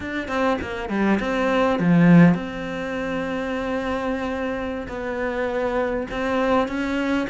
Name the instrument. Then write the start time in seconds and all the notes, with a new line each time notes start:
cello
0.00 D4
0.28 C4
0.61 A#3
0.89 G3
1.19 C4
1.79 F3
2.34 C4
4.88 B3
6.10 C4
6.68 C#4